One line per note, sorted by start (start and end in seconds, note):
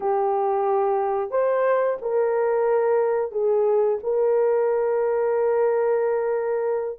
0.00 1.30 G4
1.30 1.97 C5
2.01 3.31 A#4
3.31 3.98 G#4
4.03 6.98 A#4